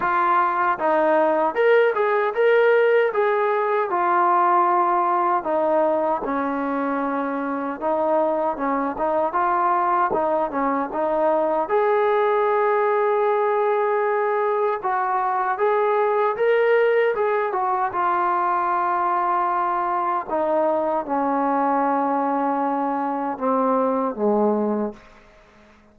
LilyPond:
\new Staff \with { instrumentName = "trombone" } { \time 4/4 \tempo 4 = 77 f'4 dis'4 ais'8 gis'8 ais'4 | gis'4 f'2 dis'4 | cis'2 dis'4 cis'8 dis'8 | f'4 dis'8 cis'8 dis'4 gis'4~ |
gis'2. fis'4 | gis'4 ais'4 gis'8 fis'8 f'4~ | f'2 dis'4 cis'4~ | cis'2 c'4 gis4 | }